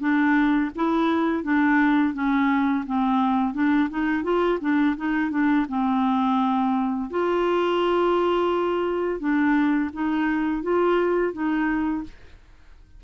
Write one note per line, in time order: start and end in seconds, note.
0.00 0.71 D4
0.75 1.43 E4
1.43 2.14 D4
2.14 2.85 C#4
2.86 3.54 C4
3.54 3.89 D4
3.90 4.24 D#4
4.24 4.59 F4
4.60 4.96 D4
4.97 5.31 D#4
5.31 5.66 D4
5.69 7.10 C4
7.10 9.20 F4
9.20 9.90 D4
9.93 10.63 D#4
10.63 11.33 F4
11.33 12.04 D#4